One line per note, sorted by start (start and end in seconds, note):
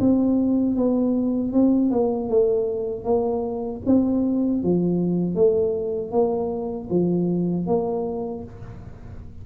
0.00 0.76 C4
0.76 1.53 B3
1.53 1.91 C4
1.91 2.29 A#3
2.29 3.05 A3
3.05 3.81 A#3
3.86 4.63 C4
4.63 5.35 F3
5.35 6.12 A3
6.12 6.88 A#3
6.90 7.67 F3
7.67 8.44 A#3